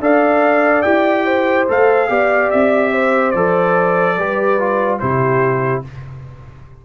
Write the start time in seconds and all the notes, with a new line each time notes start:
0.00 D4 A4 D5 F5
0.82 E4 G4 G5
1.26 C5
1.68 A3 A4 F5
2.09 B3 G4 D5
2.51 C4 E5
2.92 C5
3.31 F3 A4 D5
4.17 G3 G4 B4
4.59 F4
4.99 C3 E4 G4 C5